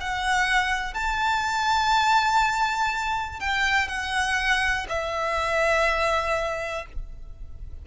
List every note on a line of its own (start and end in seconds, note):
0.00 0.94 F#5
0.94 3.39 A5
3.39 3.88 G5
3.88 4.86 F#5
4.89 6.85 E5